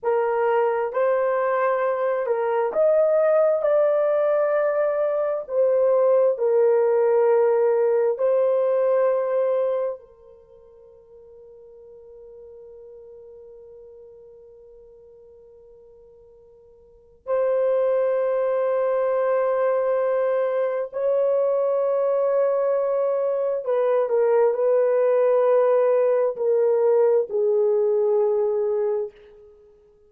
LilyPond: \new Staff \with { instrumentName = "horn" } { \time 4/4 \tempo 4 = 66 ais'4 c''4. ais'8 dis''4 | d''2 c''4 ais'4~ | ais'4 c''2 ais'4~ | ais'1~ |
ais'2. c''4~ | c''2. cis''4~ | cis''2 b'8 ais'8 b'4~ | b'4 ais'4 gis'2 | }